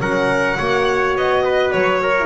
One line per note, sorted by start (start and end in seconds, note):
0.00 0.58 F#3
0.00 0.57 C#4
0.00 0.57 A#4
0.00 1.16 F#5
0.57 1.16 A#3
0.57 2.16 F#4
0.57 1.44 C#5
1.16 1.73 B3
1.16 1.72 D#5
1.44 2.01 B4
1.72 2.26 F#3
1.72 2.26 C#5
2.02 2.26 A#4
2.19 2.26 E4